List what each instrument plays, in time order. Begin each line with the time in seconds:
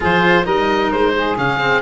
0.00 tuba F3, cello F4, saxophone G#4, oboe C5
0.43 tuba G3, cello D#4, saxophone A#4, oboe D#5
0.91 tuba G#3, oboe C5
1.15 saxophone G#4
1.37 tuba C#3, cello C#4, oboe F5
1.59 cello C4